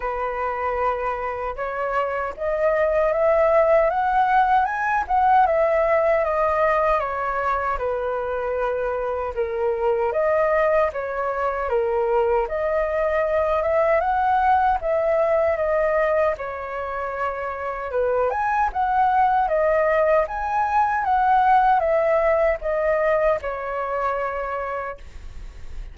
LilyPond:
\new Staff \with { instrumentName = "flute" } { \time 4/4 \tempo 4 = 77 b'2 cis''4 dis''4 | e''4 fis''4 gis''8 fis''8 e''4 | dis''4 cis''4 b'2 | ais'4 dis''4 cis''4 ais'4 |
dis''4. e''8 fis''4 e''4 | dis''4 cis''2 b'8 gis''8 | fis''4 dis''4 gis''4 fis''4 | e''4 dis''4 cis''2 | }